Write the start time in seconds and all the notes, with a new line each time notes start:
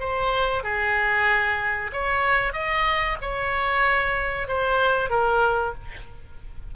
0.00 C5
0.64 G#4
1.93 C#5
2.54 D#5
3.22 C#5
4.49 C5
5.11 A#4